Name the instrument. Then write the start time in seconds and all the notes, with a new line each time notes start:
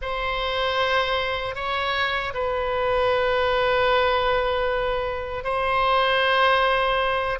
oboe
0.01 C5
1.55 C#5
2.34 B4
5.44 C5